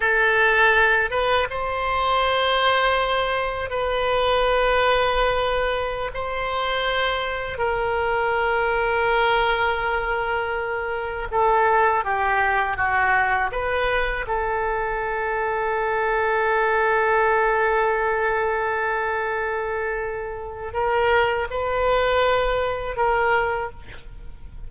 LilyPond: \new Staff \with { instrumentName = "oboe" } { \time 4/4 \tempo 4 = 81 a'4. b'8 c''2~ | c''4 b'2.~ | b'16 c''2 ais'4.~ ais'16~ | ais'2.~ ais'16 a'8.~ |
a'16 g'4 fis'4 b'4 a'8.~ | a'1~ | a'1 | ais'4 b'2 ais'4 | }